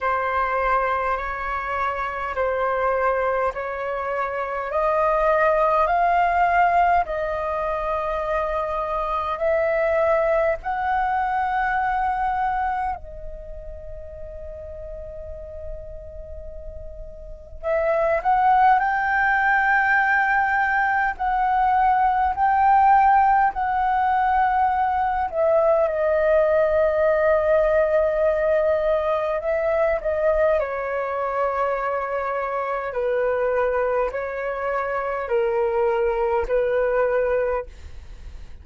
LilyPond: \new Staff \with { instrumentName = "flute" } { \time 4/4 \tempo 4 = 51 c''4 cis''4 c''4 cis''4 | dis''4 f''4 dis''2 | e''4 fis''2 dis''4~ | dis''2. e''8 fis''8 |
g''2 fis''4 g''4 | fis''4. e''8 dis''2~ | dis''4 e''8 dis''8 cis''2 | b'4 cis''4 ais'4 b'4 | }